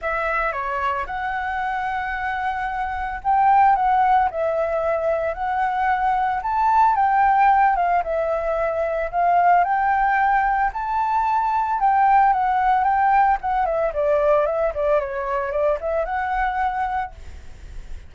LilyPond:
\new Staff \with { instrumentName = "flute" } { \time 4/4 \tempo 4 = 112 e''4 cis''4 fis''2~ | fis''2 g''4 fis''4 | e''2 fis''2 | a''4 g''4. f''8 e''4~ |
e''4 f''4 g''2 | a''2 g''4 fis''4 | g''4 fis''8 e''8 d''4 e''8 d''8 | cis''4 d''8 e''8 fis''2 | }